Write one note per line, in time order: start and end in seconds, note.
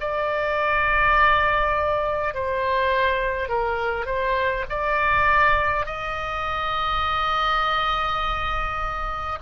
0.00 2.34 D5
2.34 3.49 C5
3.49 4.06 A#4
4.06 4.65 C5
4.69 5.86 D5
5.86 9.39 D#5